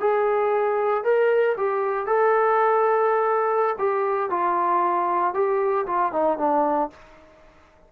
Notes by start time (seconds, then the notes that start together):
0.00 G#4
1.04 A#4
1.57 G4
2.07 A4
3.78 G4
4.30 F4
5.34 G4
5.86 F4
6.13 D#4
6.38 D4